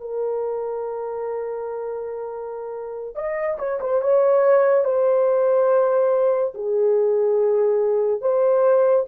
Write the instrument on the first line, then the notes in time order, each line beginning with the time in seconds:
horn
0.00 A#4
3.15 D#5
3.58 C#5
3.81 C5
4.02 C#5
4.85 C5
6.55 G#4
8.22 C5